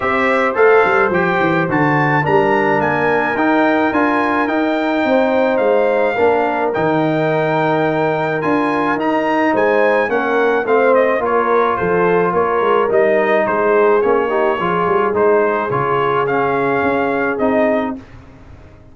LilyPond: <<
  \new Staff \with { instrumentName = "trumpet" } { \time 4/4 \tempo 4 = 107 e''4 f''4 g''4 a''4 | ais''4 gis''4 g''4 gis''4 | g''2 f''2 | g''2. gis''4 |
ais''4 gis''4 fis''4 f''8 dis''8 | cis''4 c''4 cis''4 dis''4 | c''4 cis''2 c''4 | cis''4 f''2 dis''4 | }
  \new Staff \with { instrumentName = "horn" } { \time 4/4 c''1 | ais'1~ | ais'4 c''2 ais'4~ | ais'1~ |
ais'4 c''4 ais'4 c''4 | ais'4 a'4 ais'2 | gis'4. g'8 gis'2~ | gis'1 | }
  \new Staff \with { instrumentName = "trombone" } { \time 4/4 g'4 a'4 g'4 fis'4 | d'2 dis'4 f'4 | dis'2. d'4 | dis'2. f'4 |
dis'2 cis'4 c'4 | f'2. dis'4~ | dis'4 cis'8 dis'8 f'4 dis'4 | f'4 cis'2 dis'4 | }
  \new Staff \with { instrumentName = "tuba" } { \time 4/4 c'4 a8 g8 f8 e8 d4 | g4 ais4 dis'4 d'4 | dis'4 c'4 gis4 ais4 | dis2. d'4 |
dis'4 gis4 ais4 a4 | ais4 f4 ais8 gis8 g4 | gis4 ais4 f8 g8 gis4 | cis2 cis'4 c'4 | }
>>